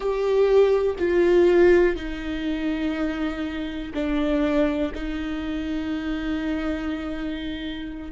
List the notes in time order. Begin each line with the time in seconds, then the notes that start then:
0.00 G4
0.98 F4
1.95 D#4
3.93 D4
4.94 D#4